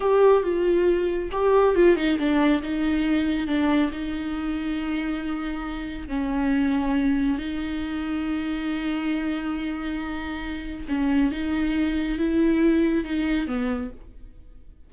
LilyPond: \new Staff \with { instrumentName = "viola" } { \time 4/4 \tempo 4 = 138 g'4 f'2 g'4 | f'8 dis'8 d'4 dis'2 | d'4 dis'2.~ | dis'2 cis'2~ |
cis'4 dis'2.~ | dis'1~ | dis'4 cis'4 dis'2 | e'2 dis'4 b4 | }